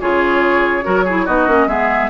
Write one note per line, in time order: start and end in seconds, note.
0.00 0.86 C#3
0.00 0.83 F4
0.00 0.85 G#4
0.00 1.26 C#5
0.83 1.27 F#3
0.83 1.04 F#4
0.83 1.05 A#4
1.05 1.27 E4
1.05 1.25 G#4
1.25 1.47 B3
1.25 1.48 D#4
1.25 1.67 F#4
1.25 1.68 D#5
1.47 1.67 A#3
1.47 1.68 C#4
1.67 2.09 G#3
1.67 2.10 B3
1.67 2.10 G#4
1.67 2.10 E5